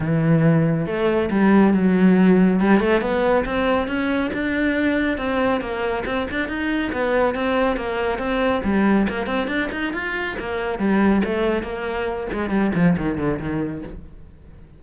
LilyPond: \new Staff \with { instrumentName = "cello" } { \time 4/4 \tempo 4 = 139 e2 a4 g4 | fis2 g8 a8 b4 | c'4 cis'4 d'2 | c'4 ais4 c'8 d'8 dis'4 |
b4 c'4 ais4 c'4 | g4 ais8 c'8 d'8 dis'8 f'4 | ais4 g4 a4 ais4~ | ais8 gis8 g8 f8 dis8 d8 dis4 | }